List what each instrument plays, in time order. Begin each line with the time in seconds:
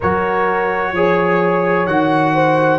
0.00 tuba F#3, trombone F#4, horn A#4, trumpet C#5
0.92 tuba F3, trombone G#4, horn C#5
1.86 tuba D#3, trombone F#4, trumpet F#5
2.34 horn C5